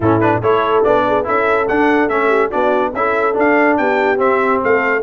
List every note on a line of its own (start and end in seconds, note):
0.00 0.41 A2
0.00 0.21 C#4
0.00 0.41 E4
0.00 0.20 A4
0.20 0.42 D4
0.20 0.41 B4
0.41 0.83 A3
0.41 0.84 E4
0.41 1.04 A4
0.41 0.83 C#5
0.83 1.27 B3
0.83 1.24 D4
0.83 1.25 D5
1.07 1.26 G#4
1.24 1.69 C#4
1.24 1.65 E4
1.24 2.28 A4
1.24 1.67 E5
1.67 2.09 D4
1.67 2.08 D4
1.67 2.08 F#5
2.08 2.50 A3
2.08 2.51 C#4
2.08 2.50 E5
2.28 2.49 G4
2.50 2.93 B3
2.50 2.93 D4
2.50 2.92 F#4
2.50 2.93 D5
2.93 3.35 C#4
2.93 3.33 E4
2.93 3.78 A4
2.93 3.36 E5
3.33 4.16 D4
3.33 3.78 D4
3.33 3.77 F5
3.77 4.18 B3
3.77 4.62 G4
3.77 4.19 G5
4.16 5.00 C4
4.16 4.60 C4
4.16 4.61 E5
4.62 5.02 A3
4.62 5.02 A4
4.62 5.02 F5